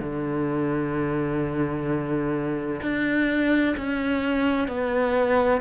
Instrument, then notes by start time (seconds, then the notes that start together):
cello
0.00 D3
2.82 D4
3.77 C#4
4.68 B3